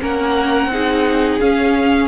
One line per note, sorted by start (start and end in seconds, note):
0.00 0.66 A#3
0.00 0.70 C#4
0.00 0.71 A#4
0.00 1.40 F#5
0.66 1.36 C4
0.66 1.40 D#4
0.66 2.08 G#4
1.40 2.08 C#4
1.40 2.08 F5